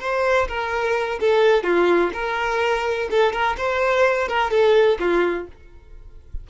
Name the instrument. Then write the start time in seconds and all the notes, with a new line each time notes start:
violin
0.00 C5
0.48 A#4
1.20 A4
1.63 F4
2.13 A#4
3.10 A4
3.32 A#4
3.57 C5
4.28 A#4
4.50 A4
4.99 F4